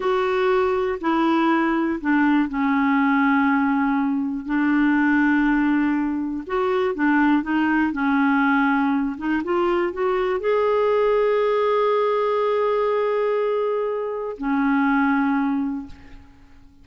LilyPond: \new Staff \with { instrumentName = "clarinet" } { \time 4/4 \tempo 4 = 121 fis'2 e'2 | d'4 cis'2.~ | cis'4 d'2.~ | d'4 fis'4 d'4 dis'4 |
cis'2~ cis'8 dis'8 f'4 | fis'4 gis'2.~ | gis'1~ | gis'4 cis'2. | }